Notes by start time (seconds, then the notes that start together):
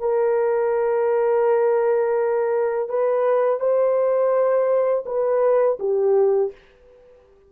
0.00 A#4
2.89 B4
3.60 C5
5.06 B4
5.80 G4